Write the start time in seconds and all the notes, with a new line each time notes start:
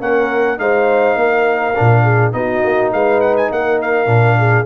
0.00 A#3 C#4 A#4 F#5
0.57 G#3 D#4 C5 F5
1.15 A#3 A#4
1.75 A#2 D4
2.03 G#4
2.32 B3 D#4 F#4 D#5
2.64 A#3
2.92 G#3 B4 F5
3.21 F#5
3.37 G#5
3.51 A#3 A#4 F#5
3.81 F5
4.06 A#2 D4
4.38 G#4